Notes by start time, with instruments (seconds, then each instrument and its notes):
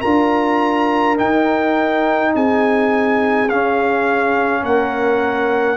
0.00 tuba D4, trombone F4, horn A#4, trumpet A#5
1.17 trombone D#4, tuba D#4, trumpet G5
2.34 tuba C4, horn G#4, trumpet G#5
3.49 tuba C#4, trombone C#4, trumpet F5
4.62 tuba A#3, horn A#4, trumpet F#5